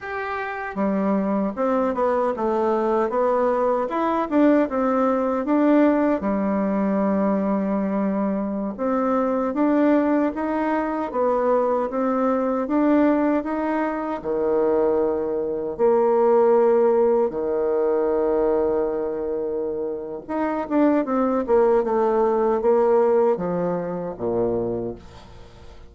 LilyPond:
\new Staff \with { instrumentName = "bassoon" } { \time 4/4 \tempo 4 = 77 g'4 g4 c'8 b8 a4 | b4 e'8 d'8 c'4 d'4 | g2.~ g16 c'8.~ | c'16 d'4 dis'4 b4 c'8.~ |
c'16 d'4 dis'4 dis4.~ dis16~ | dis16 ais2 dis4.~ dis16~ | dis2 dis'8 d'8 c'8 ais8 | a4 ais4 f4 ais,4 | }